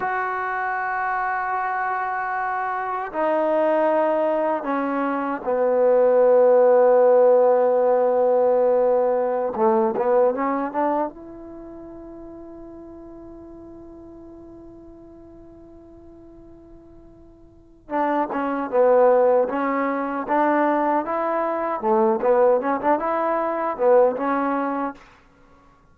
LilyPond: \new Staff \with { instrumentName = "trombone" } { \time 4/4 \tempo 4 = 77 fis'1 | dis'2 cis'4 b4~ | b1~ | b16 a8 b8 cis'8 d'8 e'4.~ e'16~ |
e'1~ | e'2. d'8 cis'8 | b4 cis'4 d'4 e'4 | a8 b8 cis'16 d'16 e'4 b8 cis'4 | }